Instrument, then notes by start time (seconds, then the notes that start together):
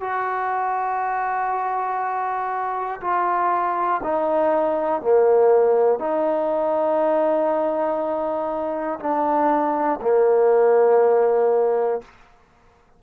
trombone
0.00 F#4
3.00 F4
4.03 D#4
5.01 A#3
5.99 D#4
9.00 D4
10.01 A#3